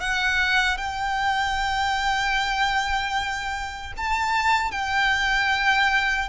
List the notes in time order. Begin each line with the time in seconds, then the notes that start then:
0.00 F#5
0.78 G5
3.97 A5
4.72 G5